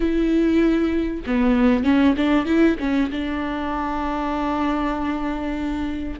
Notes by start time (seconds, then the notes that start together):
0.00 E4
1.26 B3
1.84 C#4
2.16 D4
2.45 E4
2.79 C#4
3.11 D4